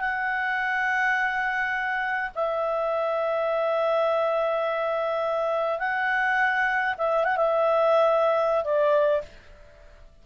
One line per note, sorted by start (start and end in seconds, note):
0.00 2.31 F#5
2.35 5.79 E5
5.79 6.95 F#5
6.98 7.24 E5
7.24 7.37 F#5
7.37 8.64 E5
8.64 9.22 D5